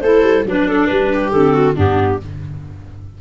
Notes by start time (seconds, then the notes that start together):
0.00 A3 E4 A4 C5
0.22 G3
0.45 F#3 D4 B4
0.68 A4
0.87 G3 B4
1.13 G4
1.31 D3 C4 A4
1.54 F#4
1.75 G2 B3 D4 G4